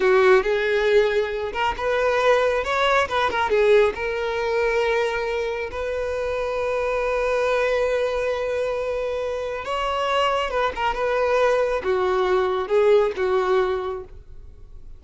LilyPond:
\new Staff \with { instrumentName = "violin" } { \time 4/4 \tempo 4 = 137 fis'4 gis'2~ gis'8 ais'8 | b'2 cis''4 b'8 ais'8 | gis'4 ais'2.~ | ais'4 b'2.~ |
b'1~ | b'2 cis''2 | b'8 ais'8 b'2 fis'4~ | fis'4 gis'4 fis'2 | }